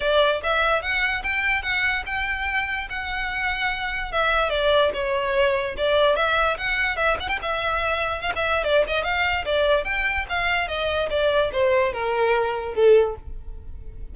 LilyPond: \new Staff \with { instrumentName = "violin" } { \time 4/4 \tempo 4 = 146 d''4 e''4 fis''4 g''4 | fis''4 g''2 fis''4~ | fis''2 e''4 d''4 | cis''2 d''4 e''4 |
fis''4 e''8 fis''16 g''16 e''2 | f''16 e''8. d''8 dis''8 f''4 d''4 | g''4 f''4 dis''4 d''4 | c''4 ais'2 a'4 | }